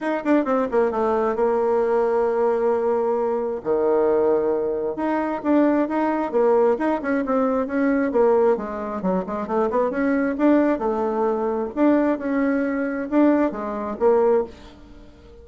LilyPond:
\new Staff \with { instrumentName = "bassoon" } { \time 4/4 \tempo 4 = 133 dis'8 d'8 c'8 ais8 a4 ais4~ | ais1 | dis2. dis'4 | d'4 dis'4 ais4 dis'8 cis'8 |
c'4 cis'4 ais4 gis4 | fis8 gis8 a8 b8 cis'4 d'4 | a2 d'4 cis'4~ | cis'4 d'4 gis4 ais4 | }